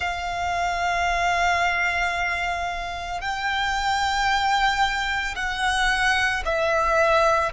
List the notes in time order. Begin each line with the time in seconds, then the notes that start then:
0.00 F5
3.20 G5
5.35 F#5
6.45 E5